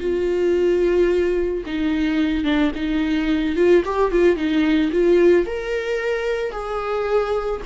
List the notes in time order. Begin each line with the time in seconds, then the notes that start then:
0.00 F4
1.66 D#4
2.44 D4
2.75 D#4
3.56 F4
3.85 G4
4.12 F4
4.36 D#4
4.92 F4
5.46 A#4
6.52 G#4